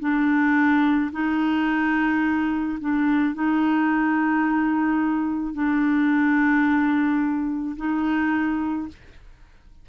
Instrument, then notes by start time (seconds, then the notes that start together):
clarinet
0.00 D4
1.13 D#4
2.80 D4
3.35 D#4
5.54 D4
7.77 D#4